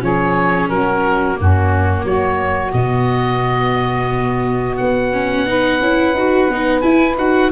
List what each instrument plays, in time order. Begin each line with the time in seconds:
0.00 tuba F3, viola C#4, saxophone G#4, oboe C#5
0.69 tuba F#3, saxophone F#4, oboe A#4
1.36 tuba F#2, viola A#3, saxophone C#4, oboe F#4
2.04 tuba F#3, saxophone F#4, oboe C#5
2.73 tuba B2, viola B3, oboe D#5
4.77 tuba B3, oboe F#5
5.12 viola C#4
5.47 viola D#4, saxophone B4
5.81 tuba C#4, viola E4
6.14 tuba D#4, viola F#4
6.49 tuba B3, viola D#4
6.82 viola E4, tuba E4, oboe G#5
7.17 tuba D#4, viola F#4, oboe F#5